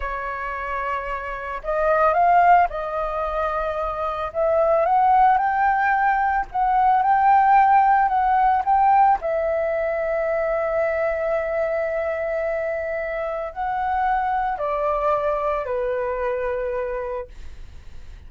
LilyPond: \new Staff \with { instrumentName = "flute" } { \time 4/4 \tempo 4 = 111 cis''2. dis''4 | f''4 dis''2. | e''4 fis''4 g''2 | fis''4 g''2 fis''4 |
g''4 e''2.~ | e''1~ | e''4 fis''2 d''4~ | d''4 b'2. | }